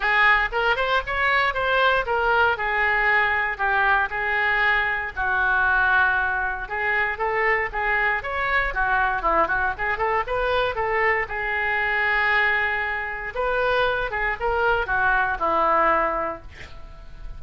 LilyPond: \new Staff \with { instrumentName = "oboe" } { \time 4/4 \tempo 4 = 117 gis'4 ais'8 c''8 cis''4 c''4 | ais'4 gis'2 g'4 | gis'2 fis'2~ | fis'4 gis'4 a'4 gis'4 |
cis''4 fis'4 e'8 fis'8 gis'8 a'8 | b'4 a'4 gis'2~ | gis'2 b'4. gis'8 | ais'4 fis'4 e'2 | }